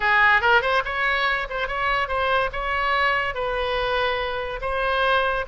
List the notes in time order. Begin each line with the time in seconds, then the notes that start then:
0.00 G#4
0.41 A#4
0.61 C5
0.84 C#5
1.49 C5
1.67 C#5
2.08 C5
2.52 C#5
3.34 B4
4.61 C5